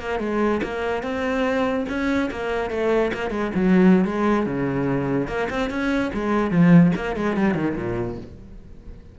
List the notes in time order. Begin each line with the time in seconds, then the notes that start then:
0.00 A#3
0.20 G#3
0.63 A#3
1.03 C4
1.89 C#4
2.31 A#3
2.71 A3
3.14 A#3
3.31 G#3
3.55 F#3
4.05 G#3
4.46 C#3
5.28 A#3
5.50 C4
5.70 C#4
6.14 G#3
6.51 F3
6.96 A#3
7.16 G#3
7.37 G3
7.55 D#3
7.76 A#2